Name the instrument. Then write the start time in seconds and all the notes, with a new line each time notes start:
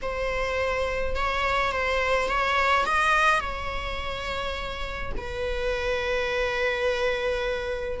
viola
0.02 C5
1.15 C#5
1.72 C5
2.28 C#5
2.85 D#5
3.40 C#5
5.17 B4